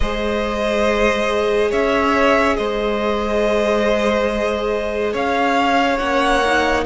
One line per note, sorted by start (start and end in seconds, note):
0.00 1.72 G#3
0.00 5.99 G#4
0.00 1.70 C5
0.00 1.71 D#5
1.70 2.58 C#4
1.70 2.56 C#5
1.70 2.56 E5
2.56 5.13 G#3
2.56 5.12 C5
2.56 5.13 D#5
5.12 5.99 C#4
5.12 6.84 C#5
5.12 5.98 F5
5.98 6.85 A#3
5.98 6.41 C#4
5.98 6.83 F#5
6.45 6.85 D#4